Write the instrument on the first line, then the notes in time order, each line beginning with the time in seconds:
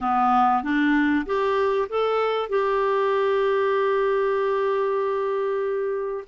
clarinet
0.01 B3
0.62 D4
1.26 G4
1.89 A4
2.49 G4